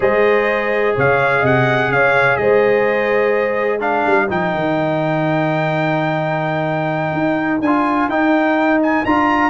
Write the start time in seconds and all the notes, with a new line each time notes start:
0.00 G#3 G#4 C5 D#5
0.95 C#3 C#5 F5
1.39 C3 D#5
1.45 F#5
1.88 C#3 C#5 F5
2.36 G#3 C5 D#5
3.80 D4 A#4 F5
4.06 G3
4.28 F3 D#4 G5
4.54 D#3
7.13 D#4
7.60 D4 F4 G#5
8.08 D#4 G5
8.82 G#5
9.05 D4 F4 A#5